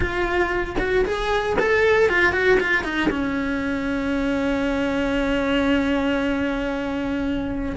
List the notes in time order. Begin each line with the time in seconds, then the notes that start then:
0.00 F4
0.79 F#4
1.05 G#4
1.59 A4
2.09 F4
2.32 F#4
2.60 F4
2.84 D#4
3.10 C#4